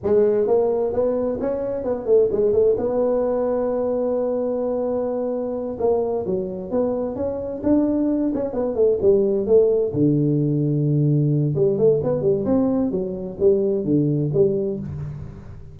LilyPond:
\new Staff \with { instrumentName = "tuba" } { \time 4/4 \tempo 4 = 130 gis4 ais4 b4 cis'4 | b8 a8 gis8 a8 b2~ | b1~ | b8 ais4 fis4 b4 cis'8~ |
cis'8 d'4. cis'8 b8 a8 g8~ | g8 a4 d2~ d8~ | d4 g8 a8 b8 g8 c'4 | fis4 g4 d4 g4 | }